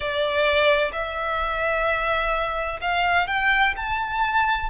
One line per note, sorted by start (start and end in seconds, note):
0.00 0.91 D5
0.92 2.80 E5
2.81 3.27 F5
3.27 3.74 G5
3.76 4.69 A5